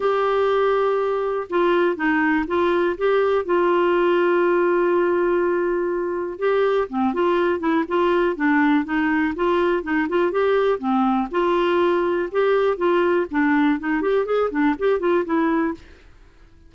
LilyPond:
\new Staff \with { instrumentName = "clarinet" } { \time 4/4 \tempo 4 = 122 g'2. f'4 | dis'4 f'4 g'4 f'4~ | f'1~ | f'4 g'4 c'8 f'4 e'8 |
f'4 d'4 dis'4 f'4 | dis'8 f'8 g'4 c'4 f'4~ | f'4 g'4 f'4 d'4 | dis'8 g'8 gis'8 d'8 g'8 f'8 e'4 | }